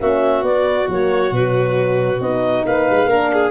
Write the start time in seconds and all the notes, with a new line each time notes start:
0.00 A#3 C#4 F#4 E5
0.42 B3 D5
0.88 F#3 A#3 C#5
1.31 B2 F#3 B4
2.20 B3 D#4 D#5
2.66 A#3 B4 F5
2.90 G#3
3.06 A#3 D4 A#4
3.33 G#4